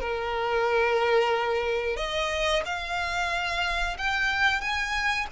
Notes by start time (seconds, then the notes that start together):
0.00 A#4
1.96 D#5
2.65 F5
3.97 G5
4.60 G#5